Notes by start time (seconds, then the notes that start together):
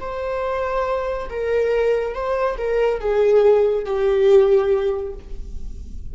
0.00 C5
1.29 A#4
2.14 C5
2.58 A#4
3.00 G#4
3.85 G4